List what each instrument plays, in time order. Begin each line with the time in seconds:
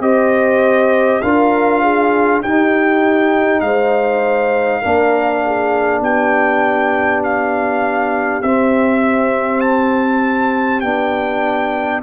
0.00 tuba C4, trombone G4, horn C5, trumpet D#5
1.22 tuba D4, trombone F4, horn A#4, trumpet F5
1.82 horn G#4
2.43 tuba D#4, trombone D#4, horn G4, trumpet G5
3.60 tuba G#3, horn C5, trumpet F5
4.82 tuba A#3, trombone D4, horn A#4
5.45 horn G#4
6.01 tuba B3, horn G4, trumpet G5
7.24 trumpet F5
8.42 tuba C4, trombone C4, trumpet E5
9.61 trumpet A5
10.80 tuba B3, trombone D4, trumpet G5